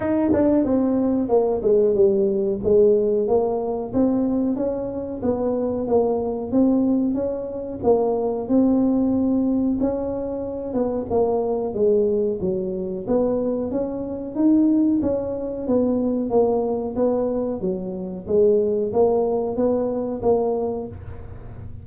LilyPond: \new Staff \with { instrumentName = "tuba" } { \time 4/4 \tempo 4 = 92 dis'8 d'8 c'4 ais8 gis8 g4 | gis4 ais4 c'4 cis'4 | b4 ais4 c'4 cis'4 | ais4 c'2 cis'4~ |
cis'8 b8 ais4 gis4 fis4 | b4 cis'4 dis'4 cis'4 | b4 ais4 b4 fis4 | gis4 ais4 b4 ais4 | }